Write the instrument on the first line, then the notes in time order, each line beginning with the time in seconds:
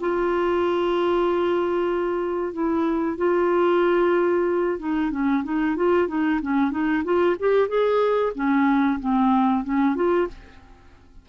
clarinet
0.00 F4
2.53 E4
3.17 F4
4.79 D#4
5.11 C#4
5.43 D#4
5.76 F4
6.07 D#4
6.41 C#4
6.71 D#4
7.04 F4
7.39 G4
7.68 G#4
8.35 C#4
9.00 C4
9.64 C#4
9.95 F4